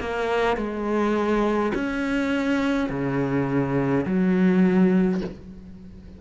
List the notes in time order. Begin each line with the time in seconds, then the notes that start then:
0.00 A#3
0.57 G#3
1.74 C#4
2.90 C#3
4.05 F#3